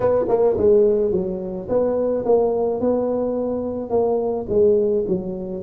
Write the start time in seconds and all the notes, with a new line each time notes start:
0.00 B3
0.28 A#3
0.57 G#3
1.11 F#3
1.68 B3
2.25 A#3
2.80 B3
3.89 A#3
4.48 G#3
5.07 F#3